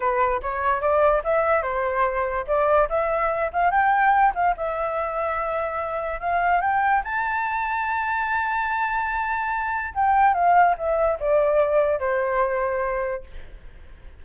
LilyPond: \new Staff \with { instrumentName = "flute" } { \time 4/4 \tempo 4 = 145 b'4 cis''4 d''4 e''4 | c''2 d''4 e''4~ | e''8 f''8 g''4. f''8 e''4~ | e''2. f''4 |
g''4 a''2.~ | a''1 | g''4 f''4 e''4 d''4~ | d''4 c''2. | }